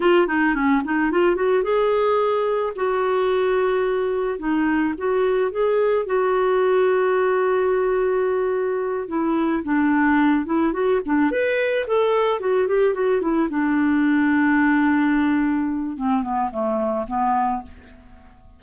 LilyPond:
\new Staff \with { instrumentName = "clarinet" } { \time 4/4 \tempo 4 = 109 f'8 dis'8 cis'8 dis'8 f'8 fis'8 gis'4~ | gis'4 fis'2. | dis'4 fis'4 gis'4 fis'4~ | fis'1~ |
fis'8 e'4 d'4. e'8 fis'8 | d'8 b'4 a'4 fis'8 g'8 fis'8 | e'8 d'2.~ d'8~ | d'4 c'8 b8 a4 b4 | }